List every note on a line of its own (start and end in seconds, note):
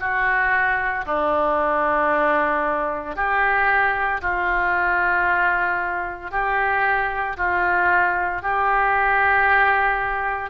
0.00 1.05 F#4
1.06 3.16 D4
3.16 4.22 G4
4.22 6.32 F4
6.32 7.37 G4
7.37 8.43 F4
8.43 10.50 G4